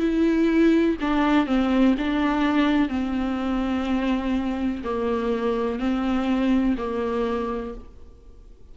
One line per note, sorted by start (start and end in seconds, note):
0.00 0.97 E4
1.01 1.46 D4
1.46 1.95 C4
1.98 2.89 D4
2.89 4.83 C4
4.84 5.79 A#3
5.79 6.76 C4
6.78 7.75 A#3